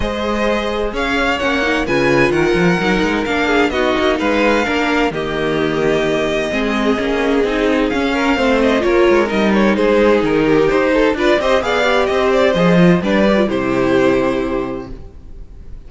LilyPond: <<
  \new Staff \with { instrumentName = "violin" } { \time 4/4 \tempo 4 = 129 dis''2 f''4 fis''4 | gis''4 fis''2 f''4 | dis''4 f''2 dis''4~ | dis''1~ |
dis''4 f''4. dis''8 cis''4 | dis''8 cis''8 c''4 ais'4 c''4 | d''8 dis''8 f''4 dis''8 d''8 dis''4 | d''4 c''2. | }
  \new Staff \with { instrumentName = "violin" } { \time 4/4 c''2 cis''2 | b'4 ais'2~ ais'8 gis'8 | fis'4 b'4 ais'4 g'4~ | g'2 gis'2~ |
gis'4. ais'8 c''4 ais'4~ | ais'4 gis'4. g'4 a'8 | b'8 c''8 d''4 c''2 | b'4 g'2. | }
  \new Staff \with { instrumentName = "viola" } { \time 4/4 gis'2. cis'8 dis'8 | f'2 dis'4 d'4 | dis'2 d'4 ais4~ | ais2 c'4 cis'4 |
dis'4 cis'4 c'4 f'4 | dis'1 | f'8 g'8 gis'8 g'4. gis'8 f'8 | d'8 g'16 f'16 e'2. | }
  \new Staff \with { instrumentName = "cello" } { \time 4/4 gis2 cis'4 ais4 | cis4 dis8 f8 fis8 gis8 ais4 | b8 ais8 gis4 ais4 dis4~ | dis2 gis4 ais4 |
c'4 cis'4 a4 ais8 gis8 | g4 gis4 dis4 dis'4 | d'8 c'8 b4 c'4 f4 | g4 c2. | }
>>